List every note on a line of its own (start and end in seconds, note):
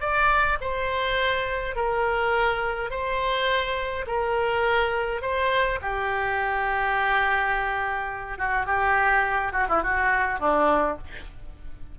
0.00 0.58 D5
0.61 1.75 C5
1.75 2.90 A#4
2.90 4.05 C5
4.06 5.21 A#4
5.21 5.79 C5
5.81 8.38 G4
8.38 8.66 F#4
8.66 9.52 G4
9.52 9.67 F#4
9.69 9.83 E4
9.83 10.40 F#4
10.40 10.97 D4